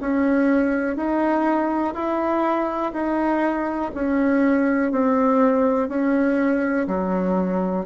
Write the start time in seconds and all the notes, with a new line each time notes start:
0.00 C#4
0.96 D#4
1.94 E4
2.93 D#4
3.94 C#4
4.91 C4
5.88 C#4
6.87 F#3